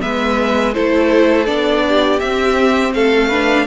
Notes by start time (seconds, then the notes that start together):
0.00 G#3 B3 B4 E5
0.73 A3 E4 A4 C5
1.46 B3 D4 D5
1.87 G4
2.19 C4 E5
2.94 A3 A4 F5
3.28 D4 B4